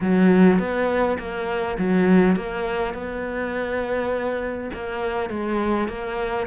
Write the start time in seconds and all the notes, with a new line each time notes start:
0.01 F#3
0.59 B3
1.18 A#3
1.78 F#3
2.36 A#3
2.94 B3
4.73 A#3
5.29 G#3
5.88 A#3